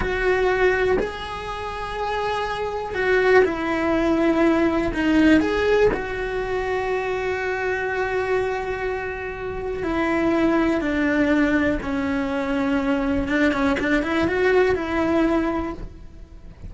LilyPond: \new Staff \with { instrumentName = "cello" } { \time 4/4 \tempo 4 = 122 fis'2 gis'2~ | gis'2 fis'4 e'4~ | e'2 dis'4 gis'4 | fis'1~ |
fis'1 | e'2 d'2 | cis'2. d'8 cis'8 | d'8 e'8 fis'4 e'2 | }